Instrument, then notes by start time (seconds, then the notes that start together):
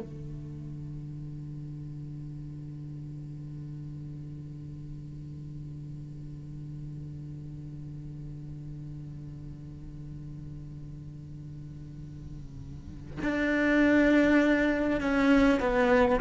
cello
0.00 D3
13.22 D4
15.00 C#4
15.60 B3